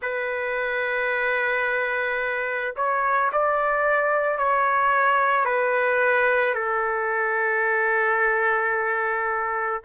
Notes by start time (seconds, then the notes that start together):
0.01 B4
2.76 C#5
3.32 D5
4.38 C#5
5.45 B4
6.54 A4